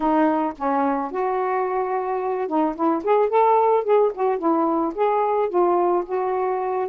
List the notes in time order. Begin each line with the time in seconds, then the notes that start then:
0.00 D#4
0.57 C#4
1.11 F#4
2.47 D#4
2.75 E4
3.04 G#4
3.29 A4
3.84 G#4
4.13 F#4
4.38 E4
4.94 G#4
5.49 F4
6.05 F#4